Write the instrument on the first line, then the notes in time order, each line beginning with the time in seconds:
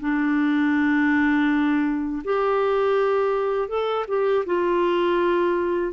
clarinet
0.00 D4
2.24 G4
3.68 A4
4.07 G4
4.45 F4